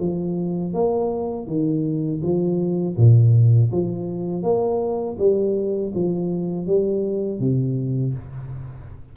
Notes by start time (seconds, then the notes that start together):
0.00 F3
0.74 A#3
1.47 D#3
2.23 F3
2.97 A#2
3.71 F3
4.43 A#3
5.19 G3
5.95 F3
6.67 G3
7.39 C3